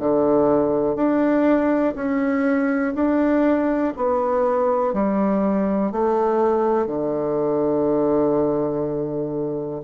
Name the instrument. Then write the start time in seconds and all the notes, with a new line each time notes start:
bassoon
0.00 D3
0.96 D4
1.96 C#4
2.96 D4
3.97 B3
4.94 G3
5.92 A3
6.87 D3